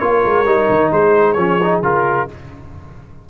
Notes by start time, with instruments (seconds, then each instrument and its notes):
0.00 tuba A#3, trombone F4, horn A#4, trumpet C#5
0.26 tuba G#3
0.45 tuba G3, trombone D#4
0.69 tuba D#3
0.92 tuba G#3, horn G#4, trumpet C5
1.33 tuba F3, trombone C#4, trumpet C#5
1.62 trombone D#4
1.82 tuba C#3, trombone F4, trumpet A#4